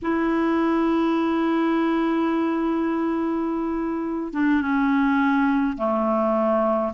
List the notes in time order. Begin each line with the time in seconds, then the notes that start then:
0.02 E4
4.33 D4
4.61 C#4
5.77 A3